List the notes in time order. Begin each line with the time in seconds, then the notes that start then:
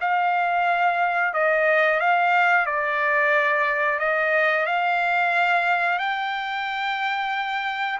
0.00 F5
1.33 D#5
2.00 F5
2.65 D5
3.99 D#5
4.66 F5
5.98 G5